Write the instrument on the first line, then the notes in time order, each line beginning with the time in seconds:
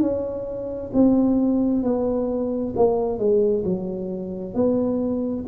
tuba
0.00 C#4
0.93 C4
1.83 B3
2.76 A#3
3.19 G#3
3.64 F#3
4.54 B3